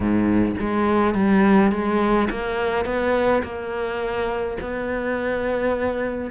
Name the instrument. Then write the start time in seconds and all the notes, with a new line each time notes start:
cello
0.00 G#2
0.60 G#3
1.14 G3
1.71 G#3
2.30 A#3
2.85 B3
3.43 A#3
4.60 B3